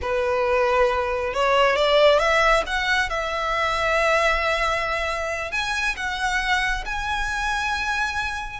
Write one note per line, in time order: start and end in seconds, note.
0.01 1.33 B4
1.33 1.75 C#5
1.75 2.19 D5
2.19 2.63 E5
2.66 3.09 F#5
3.09 5.51 E5
5.51 5.95 G#5
5.96 6.84 F#5
6.85 8.60 G#5